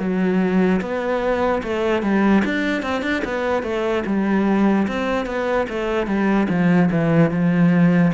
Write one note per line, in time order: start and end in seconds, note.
0.00 0.81 F#3
0.81 1.63 B3
1.64 2.03 A3
2.03 2.43 G3
2.45 2.83 D4
2.83 3.03 C4
3.03 3.23 D4
3.25 3.63 B3
3.63 4.04 A3
4.06 4.87 G3
4.88 5.26 C4
5.26 5.67 B3
5.69 6.07 A3
6.07 6.48 G3
6.49 6.90 F3
6.92 7.31 E3
7.31 8.12 F3